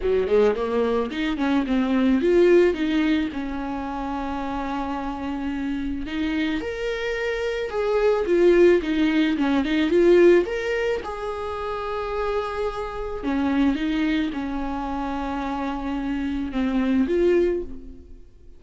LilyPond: \new Staff \with { instrumentName = "viola" } { \time 4/4 \tempo 4 = 109 fis8 gis8 ais4 dis'8 cis'8 c'4 | f'4 dis'4 cis'2~ | cis'2. dis'4 | ais'2 gis'4 f'4 |
dis'4 cis'8 dis'8 f'4 ais'4 | gis'1 | cis'4 dis'4 cis'2~ | cis'2 c'4 f'4 | }